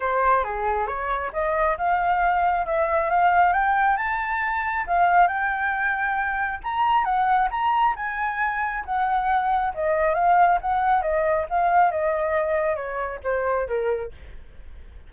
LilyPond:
\new Staff \with { instrumentName = "flute" } { \time 4/4 \tempo 4 = 136 c''4 gis'4 cis''4 dis''4 | f''2 e''4 f''4 | g''4 a''2 f''4 | g''2. ais''4 |
fis''4 ais''4 gis''2 | fis''2 dis''4 f''4 | fis''4 dis''4 f''4 dis''4~ | dis''4 cis''4 c''4 ais'4 | }